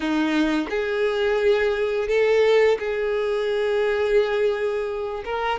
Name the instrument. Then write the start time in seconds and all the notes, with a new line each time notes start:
violin
0.00 D#4
0.69 G#4
2.08 A4
2.79 G#4
5.25 A#4